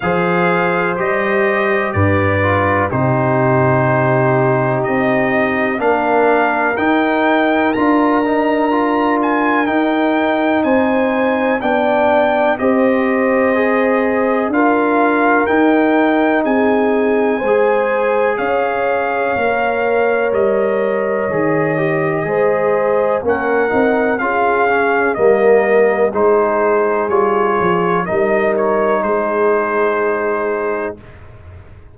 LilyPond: <<
  \new Staff \with { instrumentName = "trumpet" } { \time 4/4 \tempo 4 = 62 f''4 dis''4 d''4 c''4~ | c''4 dis''4 f''4 g''4 | ais''4. gis''8 g''4 gis''4 | g''4 dis''2 f''4 |
g''4 gis''2 f''4~ | f''4 dis''2. | fis''4 f''4 dis''4 c''4 | cis''4 dis''8 cis''8 c''2 | }
  \new Staff \with { instrumentName = "horn" } { \time 4/4 c''2 b'4 g'4~ | g'2 ais'2~ | ais'2. c''4 | d''4 c''2 ais'4~ |
ais'4 gis'4 c''4 cis''4~ | cis''2. c''4 | ais'4 gis'4 ais'4 gis'4~ | gis'4 ais'4 gis'2 | }
  \new Staff \with { instrumentName = "trombone" } { \time 4/4 gis'4 g'4. f'8 dis'4~ | dis'2 d'4 dis'4 | f'8 dis'8 f'4 dis'2 | d'4 g'4 gis'4 f'4 |
dis'2 gis'2 | ais'2 gis'8 g'8 gis'4 | cis'8 dis'8 f'8 cis'8 ais4 dis'4 | f'4 dis'2. | }
  \new Staff \with { instrumentName = "tuba" } { \time 4/4 f4 g4 g,4 c4~ | c4 c'4 ais4 dis'4 | d'2 dis'4 c'4 | b4 c'2 d'4 |
dis'4 c'4 gis4 cis'4 | ais4 g4 dis4 gis4 | ais8 c'8 cis'4 g4 gis4 | g8 f8 g4 gis2 | }
>>